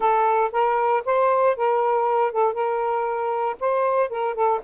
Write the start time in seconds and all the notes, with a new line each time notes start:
0.00 A4
0.52 A#4
1.05 C5
1.56 A#4
2.32 A4
2.53 A#4
3.59 C5
4.09 A#4
4.34 A4